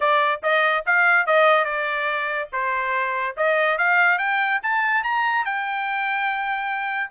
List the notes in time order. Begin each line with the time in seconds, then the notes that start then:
0.00 D5
0.42 D#5
0.85 F5
1.26 D#5
1.65 D5
2.52 C5
3.36 D#5
3.78 F5
4.18 G5
4.62 A5
5.03 A#5
5.45 G5